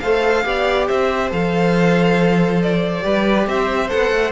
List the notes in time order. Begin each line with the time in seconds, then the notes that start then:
0.00 A3 A4 C5 F5
0.44 B3 G4 D5
0.88 C4 C5 E5
1.30 F3 A4 F5
2.62 D5
3.02 G3 G4 B4
3.47 C4 C5 E5
3.89 B3 A4 F#5
4.11 A3